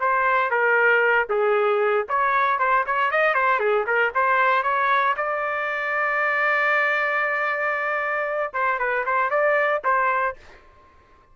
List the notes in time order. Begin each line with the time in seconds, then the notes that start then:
0.00 C5
0.51 A#4
1.30 G#4
2.09 C#5
2.59 C5
2.86 C#5
3.11 D#5
3.35 C5
3.60 G#4
3.87 A#4
4.15 C5
4.63 C#5
5.17 D5
8.53 C5
8.79 B4
9.06 C5
9.31 D5
9.84 C5